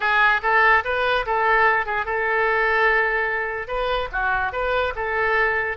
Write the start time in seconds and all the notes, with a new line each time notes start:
0.00 G#4
0.42 A4
0.84 B4
1.26 A4
1.85 G#4
2.05 A4
3.67 B4
4.12 F#4
4.52 B4
4.95 A4